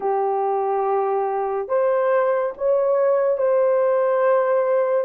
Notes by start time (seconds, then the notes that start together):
0.00 G4
1.68 C5
2.57 C#5
3.37 C5